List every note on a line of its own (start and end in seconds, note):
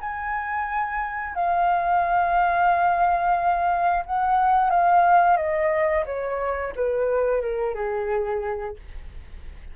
0.00 1.35 G#5
1.35 4.04 F5
4.05 4.70 F#5
4.70 5.37 F5
5.37 6.04 D#5
6.06 6.73 C#5
6.75 7.41 B4
7.41 7.75 A#4
7.75 8.76 G#4